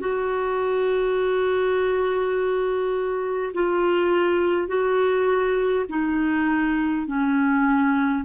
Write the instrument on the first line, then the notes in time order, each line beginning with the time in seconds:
clarinet
0.00 F#4
3.54 F4
4.68 F#4
5.89 D#4
7.07 C#4